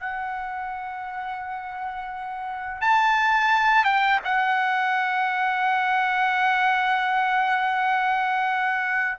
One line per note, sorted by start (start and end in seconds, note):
0.00 2.81 F#5
2.81 3.84 A5
3.84 4.20 G5
4.24 9.18 F#5